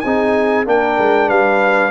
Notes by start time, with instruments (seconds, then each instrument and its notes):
0.00 tuba C4, trombone D#4, horn G#4, trumpet G#5
0.65 tuba A#3, trombone D4, horn A#4, trumpet G5
0.98 tuba G#3
1.27 tuba G3, horn B4, trumpet F5